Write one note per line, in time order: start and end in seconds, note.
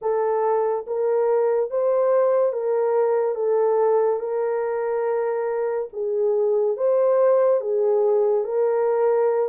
0.01 0.86 A4
0.86 1.70 A#4
1.70 2.52 C5
2.52 3.35 A#4
3.35 4.19 A4
4.19 5.88 A#4
5.92 6.76 G#4
6.76 7.61 C5
7.61 8.44 G#4
8.44 9.49 A#4